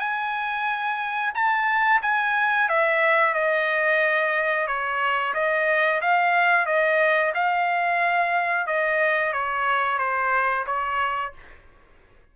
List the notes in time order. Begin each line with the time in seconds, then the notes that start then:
0.00 G#5
1.35 A5
2.03 G#5
2.69 E5
3.35 D#5
4.68 C#5
5.35 D#5
6.02 F5
6.66 D#5
7.35 F5
8.68 D#5
9.33 C#5
9.99 C5
10.67 C#5